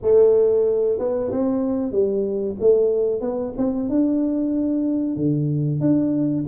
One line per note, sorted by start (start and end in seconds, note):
0.02 0.98 A3
0.98 1.30 B3
1.31 1.91 C4
1.91 2.56 G3
2.60 3.21 A3
3.21 3.53 B3
3.57 3.89 C4
3.89 5.16 D4
5.16 5.80 D3
5.80 6.45 D4